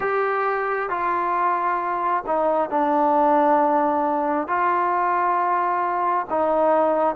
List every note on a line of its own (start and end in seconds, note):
0.00 0.89 G4
0.90 2.24 F4
2.26 2.69 D#4
2.69 4.47 D4
4.47 6.26 F4
6.29 7.15 D#4